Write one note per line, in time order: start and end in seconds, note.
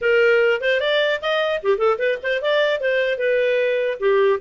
0.01 0.61 A#4
0.61 0.80 C5
0.80 1.20 D5
1.21 1.61 D#5
1.62 1.77 G4
1.77 1.97 A4
1.98 2.18 B4
2.22 2.41 C5
2.41 2.80 D5
2.80 3.18 C5
3.18 3.98 B4
3.99 4.39 G4